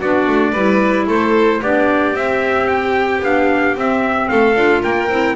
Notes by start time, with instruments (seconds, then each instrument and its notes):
0.00 double bass B3, clarinet D4, violin F#4, trumpet D5
0.27 double bass A3
0.52 double bass G3, clarinet E4, violin B4
1.07 double bass A3, violin A4, trumpet C5
1.60 double bass B3, clarinet D4, violin G4, trumpet D5
2.13 double bass C4, clarinet C4, trumpet E5
2.67 trumpet G5
3.21 double bass B3, clarinet D4, trumpet F5
3.76 clarinet C4, double bass C4, trumpet E5
4.28 double bass A3, violin A4, trumpet F5
4.54 double bass D4, clarinet F4
4.82 double bass A#3, violin A#4, trumpet G5
5.08 double bass C4, clarinet E4